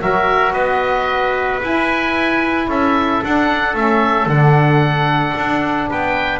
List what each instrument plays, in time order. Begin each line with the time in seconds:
0.00 double bass F#3, saxophone F#4, trumpet A#4, oboe E5
0.53 double bass B3, trumpet B4, oboe D#5
1.62 double bass E4, saxophone E4, oboe G#5
2.68 double bass C#4, trumpet A4, oboe E5
3.24 saxophone D4, double bass D4, oboe F#5
3.74 double bass A3, saxophone C#4, oboe E5
4.26 double bass D3, saxophone D4, oboe F#5
5.37 double bass D4
5.90 double bass B3, trumpet B4, oboe G5